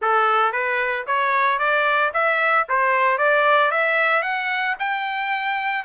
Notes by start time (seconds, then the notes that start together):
0.01 A4
0.52 B4
1.06 C#5
1.59 D5
2.13 E5
2.68 C5
3.18 D5
3.71 E5
4.22 F#5
4.79 G5